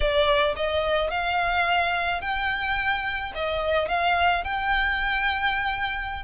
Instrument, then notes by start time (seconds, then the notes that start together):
violin
0.00 D5
0.56 D#5
1.10 F5
2.21 G5
3.34 D#5
3.88 F5
4.43 G5